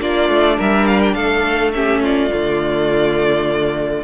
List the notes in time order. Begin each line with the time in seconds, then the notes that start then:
0.00 A#3 D4 F4 D5
0.29 A3
0.57 G3 A#4 E5
0.86 F5
1.02 G5
1.13 A3 A4 F5
1.72 C#4 G4 E5
2.02 F4 D5
2.30 D3 A3